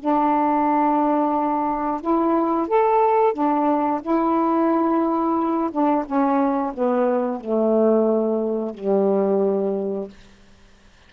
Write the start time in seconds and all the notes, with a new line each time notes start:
0.00 D4
2.01 E4
2.68 A4
3.34 D4
4.02 E4
5.72 D4
6.06 C#4
6.74 B3
7.41 A3
8.75 G3